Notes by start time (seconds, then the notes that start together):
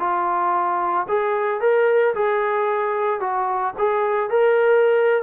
0.00 F4
1.08 G#4
1.61 A#4
2.15 G#4
3.21 F#4
3.79 G#4
4.30 A#4